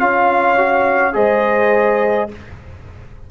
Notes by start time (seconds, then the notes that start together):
0.00 C#4 F4 C#5 F5
0.58 F#4
1.13 G#3 G#4 C5 D#5